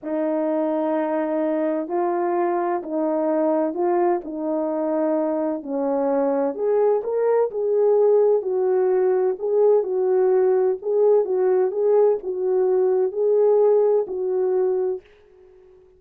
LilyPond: \new Staff \with { instrumentName = "horn" } { \time 4/4 \tempo 4 = 128 dis'1 | f'2 dis'2 | f'4 dis'2. | cis'2 gis'4 ais'4 |
gis'2 fis'2 | gis'4 fis'2 gis'4 | fis'4 gis'4 fis'2 | gis'2 fis'2 | }